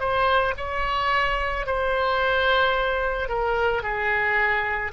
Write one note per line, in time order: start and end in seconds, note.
0.00 0.55 C5
0.58 1.67 C#5
1.67 3.29 C5
3.29 3.83 A#4
3.83 4.92 G#4